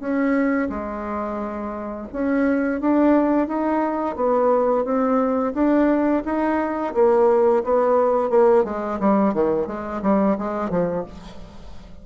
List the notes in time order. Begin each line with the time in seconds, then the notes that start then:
0.00 C#4
0.70 G#3
2.13 C#4
2.81 D4
3.48 D#4
4.16 B3
4.85 C4
5.54 D4
6.25 D#4
6.95 A#3
7.64 B3
8.30 A#3
8.65 G#3
9.00 G3
9.34 D#3
9.67 G#3
10.03 G3
10.38 G#3
10.70 F3